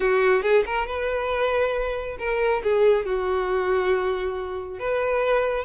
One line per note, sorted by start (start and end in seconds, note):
0.00 0.42 F#4
0.42 0.64 G#4
0.66 0.86 A#4
0.86 2.17 B4
2.19 2.62 A#4
2.63 3.05 G#4
3.05 4.79 F#4
4.79 5.64 B4